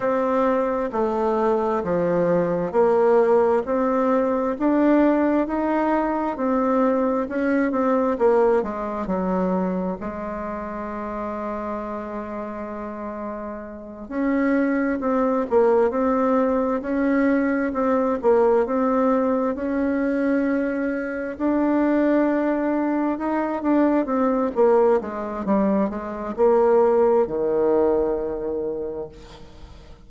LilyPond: \new Staff \with { instrumentName = "bassoon" } { \time 4/4 \tempo 4 = 66 c'4 a4 f4 ais4 | c'4 d'4 dis'4 c'4 | cis'8 c'8 ais8 gis8 fis4 gis4~ | gis2.~ gis8 cis'8~ |
cis'8 c'8 ais8 c'4 cis'4 c'8 | ais8 c'4 cis'2 d'8~ | d'4. dis'8 d'8 c'8 ais8 gis8 | g8 gis8 ais4 dis2 | }